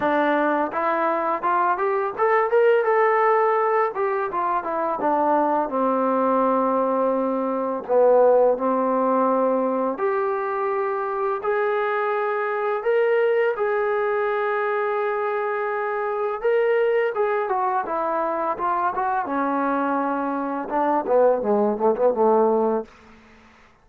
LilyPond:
\new Staff \with { instrumentName = "trombone" } { \time 4/4 \tempo 4 = 84 d'4 e'4 f'8 g'8 a'8 ais'8 | a'4. g'8 f'8 e'8 d'4 | c'2. b4 | c'2 g'2 |
gis'2 ais'4 gis'4~ | gis'2. ais'4 | gis'8 fis'8 e'4 f'8 fis'8 cis'4~ | cis'4 d'8 b8 gis8 a16 b16 a4 | }